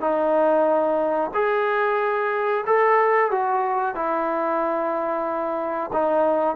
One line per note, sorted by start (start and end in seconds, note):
0.00 1.30 D#4
1.34 2.64 G#4
2.66 3.31 A4
3.31 3.95 F#4
3.95 5.90 E4
5.92 6.56 D#4